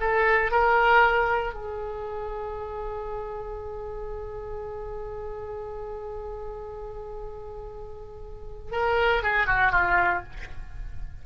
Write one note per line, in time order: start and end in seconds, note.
0.00 0.51 A4
0.51 1.54 A#4
1.54 8.72 G#4
8.72 9.23 A#4
9.23 9.46 G#4
9.46 9.72 F#4
9.72 10.23 F4